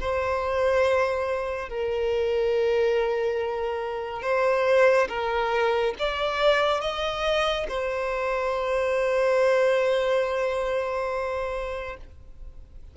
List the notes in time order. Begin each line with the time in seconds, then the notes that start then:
0.00 C5
1.69 A#4
4.22 C5
5.08 A#4
5.99 D5
6.81 D#5
7.68 C5